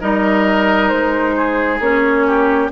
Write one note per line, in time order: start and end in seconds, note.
0.00 0.91 G3
0.00 1.79 D#4
0.00 1.34 A#4
0.00 0.88 D#5
0.88 1.79 G#3
0.88 1.78 C5
1.37 2.26 G#4
1.79 2.69 A#3
1.79 2.71 C#4
1.79 2.70 C#5
2.26 2.71 G4